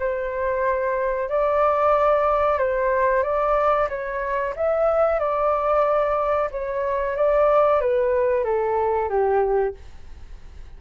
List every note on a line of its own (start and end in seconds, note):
0.00 1.29 C5
1.29 2.59 D5
2.59 3.23 C5
3.23 3.89 D5
3.89 4.54 C#5
4.56 5.20 E5
5.20 6.50 D5
6.52 7.17 C#5
7.17 7.81 D5
7.81 8.45 B4
8.45 9.09 A4
9.09 9.75 G4